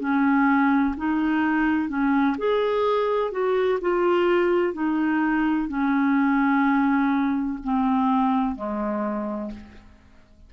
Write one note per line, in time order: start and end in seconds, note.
0.00 0.95 C#4
0.97 1.89 D#4
1.89 2.37 C#4
2.38 3.32 G#4
3.32 3.80 F#4
3.81 4.74 F4
4.74 5.69 D#4
5.69 7.59 C#4
7.64 8.56 C4
8.56 9.52 G#3